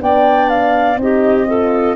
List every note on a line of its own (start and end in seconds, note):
0.00 0.97 B3
0.00 0.97 D4
0.00 1.01 D5
0.00 0.50 G5
0.50 0.99 F5
0.97 1.95 C4
0.97 1.46 D#4
0.97 1.47 G4
0.97 1.97 D#5
1.47 1.97 F4
1.47 1.97 A4